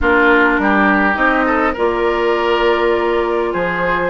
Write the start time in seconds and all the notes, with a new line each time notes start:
0.00 A#3 D4 F4 A#4
0.58 G3 G4
1.14 C4 D#4 D#5
1.45 A4
1.73 A#3 F4 A#4 D5
3.52 F3 G#4 C5